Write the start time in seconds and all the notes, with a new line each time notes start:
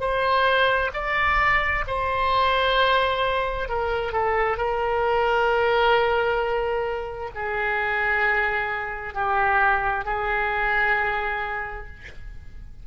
0.00 C5
0.94 D5
1.87 C5
3.69 A#4
4.13 A4
4.57 A#4
7.35 G#4
9.14 G4
10.05 G#4